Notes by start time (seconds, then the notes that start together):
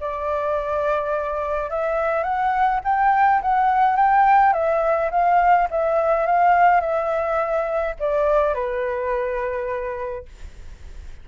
0.00 D5
1.70 E5
2.23 F#5
2.84 G5
3.42 F#5
3.96 G5
4.53 E5
5.11 F5
5.70 E5
6.26 F5
6.80 E5
7.99 D5
8.54 B4